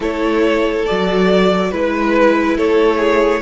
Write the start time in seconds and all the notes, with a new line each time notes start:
0.00 A3 E4 A4 C#5
0.85 F#3 F#4 D5
1.71 G#3 E4 B4
2.57 A3 A4 C#5
2.98 G#4